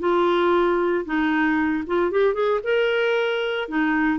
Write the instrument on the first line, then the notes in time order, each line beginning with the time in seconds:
clarinet
0.00 F4
1.06 D#4
1.87 F4
2.11 G4
2.34 G#4
2.64 A#4
3.69 D#4